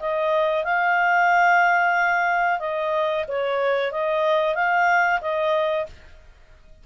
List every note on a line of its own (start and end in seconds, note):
0.00 0.64 D#5
0.64 2.60 F5
2.60 3.25 D#5
3.28 3.92 C#5
3.92 4.55 D#5
4.55 5.20 F5
5.21 5.86 D#5